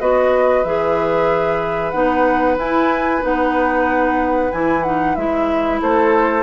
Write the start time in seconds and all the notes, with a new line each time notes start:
0.00 B3 F#4 B4 D#5
0.64 E3 G#4 E5
1.91 B3 D#4 F#5
2.58 E4 G#5
3.22 B3 D#4 F#5
4.52 E3 E4 G#5
4.83 D#4 F#5
5.15 G#3 E4 E5
5.82 A3 A4 C5